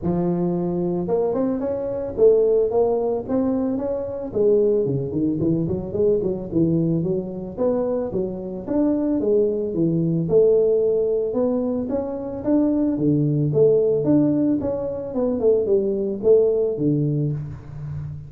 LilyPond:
\new Staff \with { instrumentName = "tuba" } { \time 4/4 \tempo 4 = 111 f2 ais8 c'8 cis'4 | a4 ais4 c'4 cis'4 | gis4 cis8 dis8 e8 fis8 gis8 fis8 | e4 fis4 b4 fis4 |
d'4 gis4 e4 a4~ | a4 b4 cis'4 d'4 | d4 a4 d'4 cis'4 | b8 a8 g4 a4 d4 | }